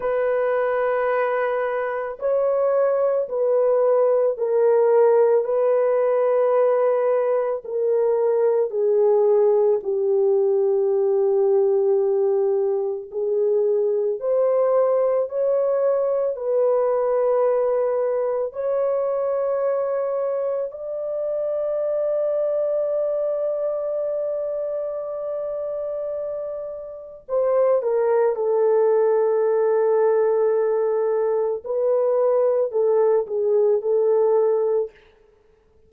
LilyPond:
\new Staff \with { instrumentName = "horn" } { \time 4/4 \tempo 4 = 55 b'2 cis''4 b'4 | ais'4 b'2 ais'4 | gis'4 g'2. | gis'4 c''4 cis''4 b'4~ |
b'4 cis''2 d''4~ | d''1~ | d''4 c''8 ais'8 a'2~ | a'4 b'4 a'8 gis'8 a'4 | }